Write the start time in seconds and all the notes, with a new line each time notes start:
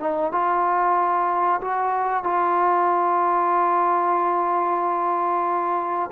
0.00 D#4
0.32 F4
1.62 F#4
2.24 F4